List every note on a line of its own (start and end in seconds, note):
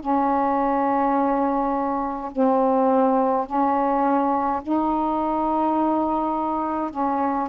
0.00 2.31 C#4
2.31 3.46 C4
3.46 4.62 C#4
4.62 6.91 D#4
6.91 7.48 C#4